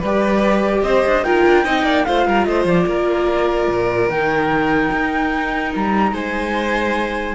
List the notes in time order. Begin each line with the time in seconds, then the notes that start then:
0.00 G3 G4 B4 D5
0.83 C4 C5 D#5
1.06 D4
1.24 D#4 F4 A#4 G5
1.47 D4
1.65 C4 D#4 D#5
1.84 A#3 D5
2.05 A3 F4 C5 F5
2.27 G3 A#4
2.45 A3 C5 D#5
2.65 F3 D5
2.87 A#3 A#4
3.69 A#2
4.09 D#3 D#4 G5
4.92 D#4
5.76 G3 A#5
6.12 G#3 C5 G#5